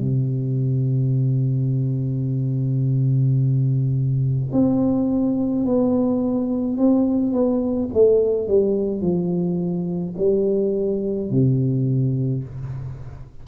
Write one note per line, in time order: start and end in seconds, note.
0.00 4.52 C3
4.52 5.66 C4
5.66 6.78 B3
6.78 7.33 C4
7.33 7.89 B3
7.93 8.48 A3
8.48 9.02 G3
9.02 10.15 F3
10.18 11.31 G3
11.31 12.44 C3